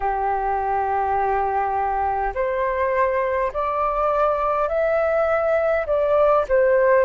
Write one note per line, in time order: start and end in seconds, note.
0.00 2.33 G4
2.34 3.52 C5
3.53 4.68 D5
4.68 5.86 E5
5.86 6.45 D5
6.48 7.04 C5